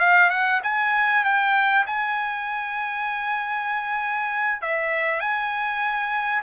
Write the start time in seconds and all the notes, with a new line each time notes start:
0.00 F5
0.31 F#5
0.64 G#5
1.25 G5
1.87 G#5
4.62 E5
5.20 G#5